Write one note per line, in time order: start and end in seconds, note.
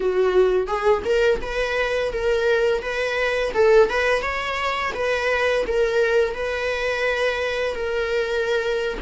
0.00 0.67 F#4
0.67 1.02 G#4
1.04 1.40 A#4
1.41 2.12 B4
2.12 2.81 A#4
2.81 3.52 B4
3.54 3.89 A4
3.89 4.22 B4
4.22 4.92 C#5
4.94 5.65 B4
5.66 6.34 A#4
6.34 7.74 B4
7.74 8.98 A#4